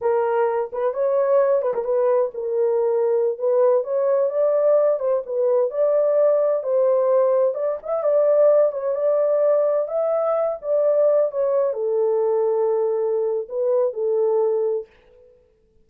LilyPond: \new Staff \with { instrumentName = "horn" } { \time 4/4 \tempo 4 = 129 ais'4. b'8 cis''4. b'16 ais'16 | b'4 ais'2~ ais'16 b'8.~ | b'16 cis''4 d''4. c''8 b'8.~ | b'16 d''2 c''4.~ c''16~ |
c''16 d''8 e''8 d''4. cis''8 d''8.~ | d''4~ d''16 e''4. d''4~ d''16~ | d''16 cis''4 a'2~ a'8.~ | a'4 b'4 a'2 | }